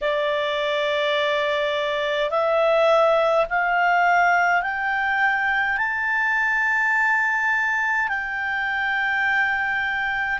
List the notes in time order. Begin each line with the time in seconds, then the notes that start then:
0.01 D5
2.30 E5
3.49 F5
4.62 G5
5.77 A5
8.08 G5